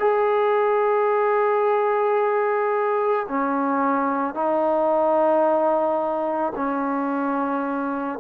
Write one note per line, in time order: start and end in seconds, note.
0.00 3.27 G#4
3.29 4.35 C#4
4.35 6.53 D#4
6.56 8.20 C#4